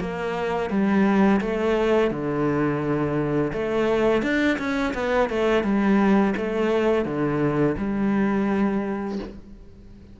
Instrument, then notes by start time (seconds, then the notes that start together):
cello
0.00 A#3
0.70 G3
1.41 A3
2.11 D3
3.53 A3
4.23 D4
4.59 C#4
4.94 B3
5.30 A3
5.64 G3
6.37 A3
7.06 D3
7.78 G3